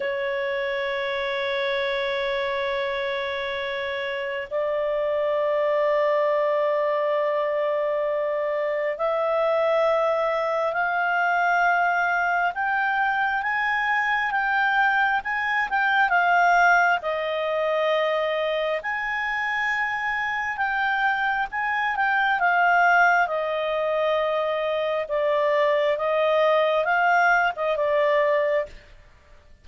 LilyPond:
\new Staff \with { instrumentName = "clarinet" } { \time 4/4 \tempo 4 = 67 cis''1~ | cis''4 d''2.~ | d''2 e''2 | f''2 g''4 gis''4 |
g''4 gis''8 g''8 f''4 dis''4~ | dis''4 gis''2 g''4 | gis''8 g''8 f''4 dis''2 | d''4 dis''4 f''8. dis''16 d''4 | }